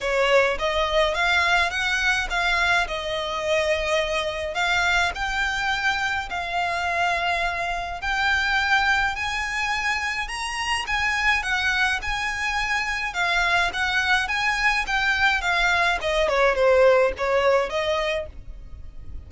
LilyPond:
\new Staff \with { instrumentName = "violin" } { \time 4/4 \tempo 4 = 105 cis''4 dis''4 f''4 fis''4 | f''4 dis''2. | f''4 g''2 f''4~ | f''2 g''2 |
gis''2 ais''4 gis''4 | fis''4 gis''2 f''4 | fis''4 gis''4 g''4 f''4 | dis''8 cis''8 c''4 cis''4 dis''4 | }